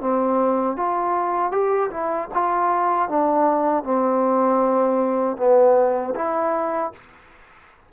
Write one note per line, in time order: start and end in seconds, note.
0.00 0.76 C4
0.76 1.51 F4
1.51 1.90 G4
1.90 2.29 E4
2.34 3.08 F4
3.08 3.84 D4
3.84 5.37 C4
5.37 6.14 B3
6.15 6.92 E4